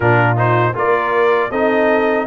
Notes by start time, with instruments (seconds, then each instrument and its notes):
0.00 tuba A#2, trombone D4, horn F4, trumpet A#4
0.36 trombone D#4, trumpet C5
0.74 tuba A#3, trombone F4, horn A#4, trumpet D5
1.50 tuba C4, trombone D#4, horn A4, trumpet D#5